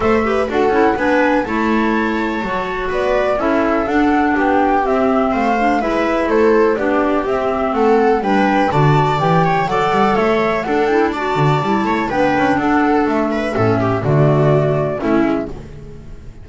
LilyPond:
<<
  \new Staff \with { instrumentName = "flute" } { \time 4/4 \tempo 4 = 124 e''4 fis''4 gis''4 a''4~ | a''2 d''4 e''4 | fis''4 g''4 e''4 f''4 | e''4 c''4 d''4 e''4 |
fis''4 g''4 a''4 g''4 | fis''4 e''4 fis''8 g''8 a''4~ | a''4 g''4 fis''4 e''4~ | e''4 d''2 e''4 | }
  \new Staff \with { instrumentName = "viola" } { \time 4/4 c''8 b'8 a'4 b'4 cis''4~ | cis''2 b'4 a'4~ | a'4 g'2 c''4 | b'4 a'4 g'2 |
a'4 b'4 d''4. cis''8 | d''4 cis''4 a'4 d''4~ | d''8 cis''8 b'4 a'4. b'8 | a'8 g'8 fis'2 e'4 | }
  \new Staff \with { instrumentName = "clarinet" } { \time 4/4 a'8 g'8 fis'8 e'8 d'4 e'4~ | e'4 fis'2 e'4 | d'2 c'4. d'8 | e'2 d'4 c'4~ |
c'4 d'4 fis'4 g'4 | a'2 d'8 e'8 fis'4 | e'4 d'2. | cis'4 a2 cis'4 | }
  \new Staff \with { instrumentName = "double bass" } { \time 4/4 a4 d'8 cis'8 b4 a4~ | a4 fis4 b4 cis'4 | d'4 b4 c'4 a4 | gis4 a4 b4 c'4 |
a4 g4 d4 e4 | fis8 g8 a4 d'4. d8 | g8 a8 b8 cis'8 d'4 a4 | a,4 d2 a8 gis8 | }
>>